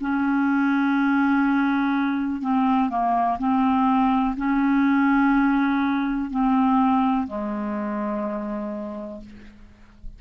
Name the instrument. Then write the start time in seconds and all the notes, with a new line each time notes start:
clarinet
0.00 C#4
2.41 C4
2.89 A#3
3.38 C4
4.37 C#4
6.30 C4
7.27 G#3